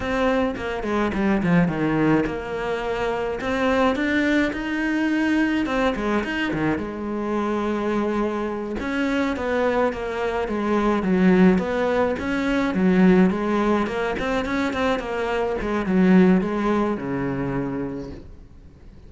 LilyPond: \new Staff \with { instrumentName = "cello" } { \time 4/4 \tempo 4 = 106 c'4 ais8 gis8 g8 f8 dis4 | ais2 c'4 d'4 | dis'2 c'8 gis8 dis'8 dis8 | gis2.~ gis8 cis'8~ |
cis'8 b4 ais4 gis4 fis8~ | fis8 b4 cis'4 fis4 gis8~ | gis8 ais8 c'8 cis'8 c'8 ais4 gis8 | fis4 gis4 cis2 | }